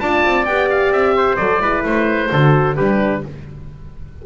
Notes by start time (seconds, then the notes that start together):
0.00 D4 F4 D5 A5
0.25 C4
0.45 B3 G4 G5
0.70 F5
0.90 C4 E5
1.16 C5
1.36 F#3 A4 D5
1.60 G#3 E4 B4
1.84 A3 C5
2.31 D3 F#4 A4
2.76 G3 D4 G4 B4